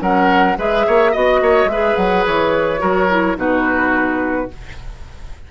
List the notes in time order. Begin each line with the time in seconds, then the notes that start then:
0.00 F#3 C#4 A#4 F#5
0.57 G#3 G#4 B4 E5
0.87 A#3 C#5
1.12 B3 F#4 D#5
1.41 A#3 C#5
1.65 G#3 E5
1.72 G#4 B4
1.96 F#3 F#5
2.26 E3 C#5
2.79 F#3 F#4 A#4
3.10 E4
3.36 B2 D#4 F#4 B4